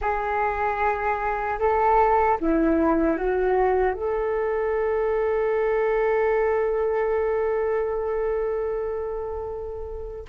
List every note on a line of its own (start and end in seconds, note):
0.01 1.59 G#4
1.59 2.38 A4
2.40 3.16 E4
3.16 3.93 F#4
3.93 10.25 A4